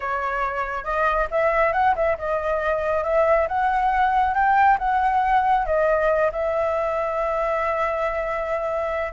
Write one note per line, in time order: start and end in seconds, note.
0.00 0.84 C#5
0.84 1.27 D#5
1.30 1.73 E5
1.73 1.94 F#5
1.95 2.17 E5
2.18 3.04 D#5
3.04 3.47 E5
3.48 4.34 F#5
4.34 4.77 G5
4.78 5.65 F#5
5.65 6.30 D#5
6.31 9.12 E5